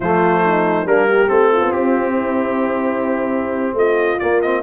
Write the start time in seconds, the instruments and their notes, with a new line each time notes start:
0.00 tuba F3, trombone A3, horn F4, trumpet C5
0.44 horn D#4
0.84 tuba G3, trombone A#3, horn D4, trumpet A#4
1.08 horn G4
1.27 tuba A3, trombone C4, trumpet A4
1.52 horn F4
1.61 tuba B3
1.71 tuba C4, trumpet G4
2.12 horn E4
3.73 tuba A3, horn F4, trumpet D#5
4.19 tuba A#3, trombone A#3, trumpet D5
4.41 trombone C4, trumpet D#5